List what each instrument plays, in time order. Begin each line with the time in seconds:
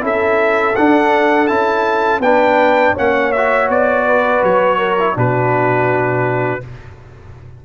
0.00 tuba C#4, trombone E4, horn A4, trumpet E5
0.75 trombone D4, tuba D4, trumpet F#5
1.47 tuba C#4, trombone E4, trumpet A5
2.20 tuba B3, trombone D4, horn B4, trumpet G5
2.94 tuba A#3, trombone C#4, horn C#5, trumpet F#5
3.32 trombone F#4, trumpet E5
3.68 tuba B3, trumpet D5
4.06 horn B4
4.43 tuba F#3, trumpet C#5
4.78 horn A#4
4.99 trombone E4
5.14 tuba B2, trombone D4, horn F#4, trumpet B4